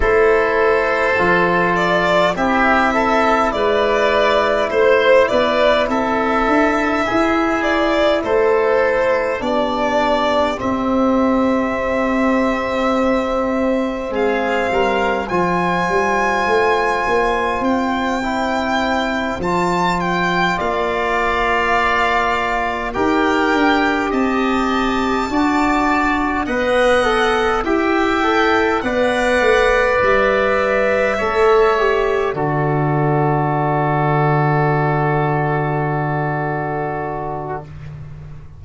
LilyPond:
<<
  \new Staff \with { instrumentName = "violin" } { \time 4/4 \tempo 4 = 51 c''4. d''8 e''4 d''4 | c''8 d''8 e''4. d''8 c''4 | d''4 e''2. | f''4 gis''2 g''4~ |
g''8 a''8 g''8 f''2 g''8~ | g''8 a''2 fis''4 g''8~ | g''8 fis''4 e''2 d''8~ | d''1 | }
  \new Staff \with { instrumentName = "oboe" } { \time 4/4 a'2 g'8 a'8 b'4 | c''8 b'8 a'4 gis'4 a'4 | g'1 | gis'8 ais'8 c''2.~ |
c''4. d''2 ais'8~ | ais'8 dis''4 d''4 dis''4 e''8~ | e''8 d''2 cis''4 a'8~ | a'1 | }
  \new Staff \with { instrumentName = "trombone" } { \time 4/4 e'4 f'4 e'2~ | e'1 | d'4 c'2.~ | c'4 f'2~ f'8 e'8~ |
e'8 f'2. g'8~ | g'4. fis'4 b'8 a'8 g'8 | a'8 b'2 a'8 g'8 fis'8~ | fis'1 | }
  \new Staff \with { instrumentName = "tuba" } { \time 4/4 a4 f4 c'4 gis4 | a8 b8 c'8 d'8 e'4 a4 | b4 c'2. | gis8 g8 f8 g8 a8 ais8 c'4~ |
c'8 f4 ais2 dis'8 | d'8 c'4 d'4 b4 e'8~ | e'8 b8 a8 g4 a4 d8~ | d1 | }
>>